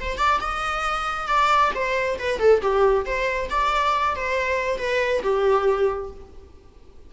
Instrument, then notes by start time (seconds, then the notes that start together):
viola
0.00 C5
0.18 D5
0.41 D#5
1.28 D5
1.75 C5
2.19 B4
2.39 A4
2.62 G4
3.06 C5
3.50 D5
4.16 C5
4.78 B4
5.23 G4